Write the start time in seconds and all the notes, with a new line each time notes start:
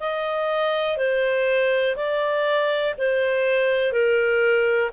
0.00 D#5
0.97 C5
1.96 D5
2.99 C5
3.93 A#4